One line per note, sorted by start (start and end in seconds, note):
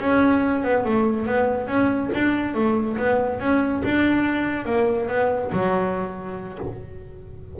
0.00 0.64 C#4
0.64 0.85 B3
0.85 1.26 A3
1.26 1.68 B3
1.68 2.10 C#4
2.14 2.55 D4
2.55 2.97 A3
2.97 3.40 B3
3.40 3.83 C#4
3.84 4.66 D4
4.66 5.08 A#3
5.09 5.51 B3
5.53 6.59 F#3